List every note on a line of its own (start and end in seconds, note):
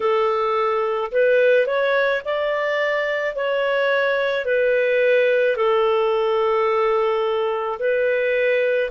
0.00 1.11 A4
1.11 1.66 B4
1.66 2.22 C#5
2.25 3.35 D5
3.35 4.45 C#5
4.45 5.56 B4
5.56 7.78 A4
7.79 8.90 B4